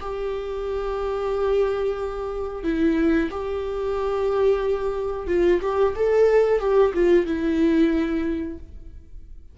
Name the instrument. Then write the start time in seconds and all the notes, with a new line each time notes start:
viola
0.00 G4
2.64 E4
3.31 G4
5.27 F4
5.62 G4
5.96 A4
6.60 G4
6.94 F4
7.26 E4